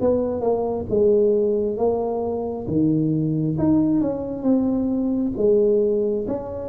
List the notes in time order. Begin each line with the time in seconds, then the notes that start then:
0.00 B3
0.40 A#3
0.90 G#3
1.77 A#3
2.67 D#3
3.58 D#4
4.01 C#4
4.43 C4
5.36 G#3
6.27 C#4